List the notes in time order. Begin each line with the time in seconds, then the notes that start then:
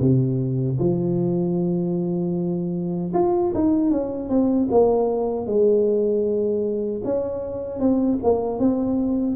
0.00 C3
0.79 F3
3.14 F4
3.55 D#4
3.91 C#4
4.30 C4
4.71 A#3
5.47 G#3
7.04 C#4
7.80 C4
8.23 A#3
8.59 C4